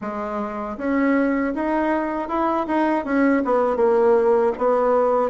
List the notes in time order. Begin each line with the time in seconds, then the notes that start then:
0.01 G#3
0.77 C#4
1.54 D#4
2.28 E4
2.67 D#4
3.04 C#4
3.45 B3
3.76 A#3
4.58 B3